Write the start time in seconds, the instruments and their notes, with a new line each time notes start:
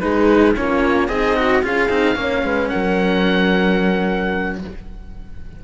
0.00 cello G#3 D#4, horn G#4, oboe B4
0.56 cello A#3 C#4, horn F4, oboe C#5
1.08 cello C4 G#4, horn D#4, oboe D#5
1.35 cello F#4
1.62 cello C#4 F4, horn G#4, oboe F5
1.89 cello C4 D#4
2.15 cello A#3 C#4, horn C#5
2.43 cello G#3, horn B4
2.69 cello F#3, horn A#4, oboe F#5